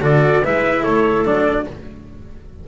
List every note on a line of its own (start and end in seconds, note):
0.00 0.41 D3
0.00 0.42 F#4
0.00 0.43 A4
0.00 0.45 D5
0.43 0.86 G#3
0.43 1.25 E4
0.43 0.82 B4
0.43 0.83 E5
0.82 1.25 A3
0.82 1.64 A4
0.82 1.25 C#5
1.25 1.66 F#3
1.25 1.66 D4
1.25 1.67 D5